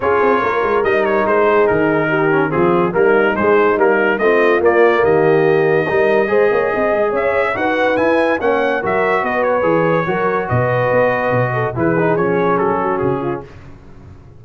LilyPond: <<
  \new Staff \with { instrumentName = "trumpet" } { \time 4/4 \tempo 4 = 143 cis''2 dis''8 cis''8 c''4 | ais'2 gis'4 ais'4 | c''4 ais'4 dis''4 d''4 | dis''1~ |
dis''4 e''4 fis''4 gis''4 | fis''4 e''4 dis''8 cis''4.~ | cis''4 dis''2. | b'4 cis''4 a'4 gis'4 | }
  \new Staff \with { instrumentName = "horn" } { \time 4/4 gis'4 ais'2~ ais'8 gis'8~ | gis'4 g'4 f'4 dis'4~ | dis'2 f'2 | g'2 ais'4 c''8 cis''8 |
dis''4 cis''4 b'2 | cis''4 ais'4 b'2 | ais'4 b'2~ b'8 a'8 | gis'2~ gis'8 fis'4 f'8 | }
  \new Staff \with { instrumentName = "trombone" } { \time 4/4 f'2 dis'2~ | dis'4. cis'8 c'4 ais4 | gis4 ais4 c'4 ais4~ | ais2 dis'4 gis'4~ |
gis'2 fis'4 e'4 | cis'4 fis'2 gis'4 | fis'1 | e'8 dis'8 cis'2. | }
  \new Staff \with { instrumentName = "tuba" } { \time 4/4 cis'8 c'8 ais8 gis8 g4 gis4 | dis2 f4 g4 | gis4 g4 a4 ais4 | dis2 g4 gis8 ais8 |
c'8 gis8 cis'4 dis'4 e'4 | ais4 fis4 b4 e4 | fis4 b,4 b4 b,4 | e4 f4 fis4 cis4 | }
>>